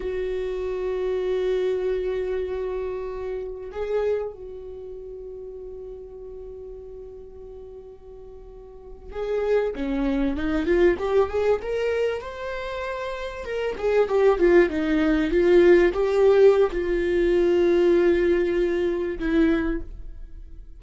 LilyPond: \new Staff \with { instrumentName = "viola" } { \time 4/4 \tempo 4 = 97 fis'1~ | fis'2 gis'4 fis'4~ | fis'1~ | fis'2~ fis'8. gis'4 cis'16~ |
cis'8. dis'8 f'8 g'8 gis'8 ais'4 c''16~ | c''4.~ c''16 ais'8 gis'8 g'8 f'8 dis'16~ | dis'8. f'4 g'4~ g'16 f'4~ | f'2. e'4 | }